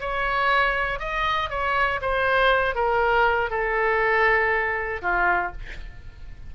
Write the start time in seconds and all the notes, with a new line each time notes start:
0.00 C#5
0.99 D#5
1.49 C#5
2.01 C5
2.75 A#4
3.50 A4
5.01 F4